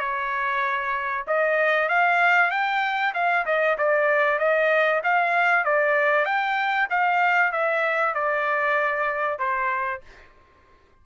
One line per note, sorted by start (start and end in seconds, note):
0.00 1.25 C#5
1.28 1.89 D#5
1.89 2.51 F5
2.51 3.14 G5
3.14 3.45 F5
3.46 3.77 D#5
3.78 4.39 D5
4.39 5.02 D#5
5.04 5.65 F5
5.65 6.26 D5
6.26 6.88 G5
6.91 7.53 F5
7.53 8.15 E5
8.15 9.39 D5
9.39 10.02 C5